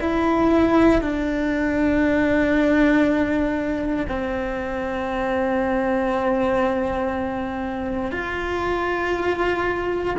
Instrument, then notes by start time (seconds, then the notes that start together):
cello
0.00 E4
1.01 D4
4.08 C4
8.12 F4